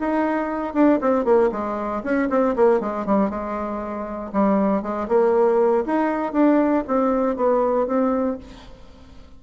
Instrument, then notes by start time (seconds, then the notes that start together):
bassoon
0.00 D#4
0.74 D4
1.01 C4
1.25 A#3
1.52 G#3
2.03 C#4
2.30 C4
2.56 A#3
2.80 G#3
3.06 G3
3.30 G#3
4.33 G3
4.82 G#3
5.08 A#3
5.86 D#4
6.33 D4
6.87 C4
7.36 B3
7.87 C4